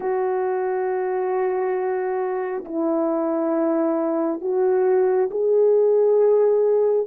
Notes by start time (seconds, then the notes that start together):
0.00 F#4
2.65 E4
4.41 F#4
5.31 G#4